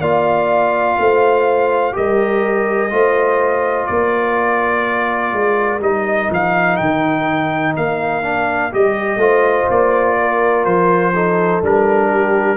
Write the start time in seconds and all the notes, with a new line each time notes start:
0.00 A#3 F4 D5 F5
0.98 A3 C5
1.92 G3 G4 A#4 D#5
2.90 A3 F4 C5
3.86 A#3 A#4 D5
5.32 G#3
5.80 G3 D#4 D#5
6.31 F3 F5
6.76 D#3 G5
7.76 A#3 F5
8.22 D4
8.72 G3 G4 D#5
9.17 A3 F4 C5
9.70 A#3 D5
10.19 A#4
10.65 F3 C5
11.14 D#4 A4
11.62 G3 D4 A#4
12.08 G4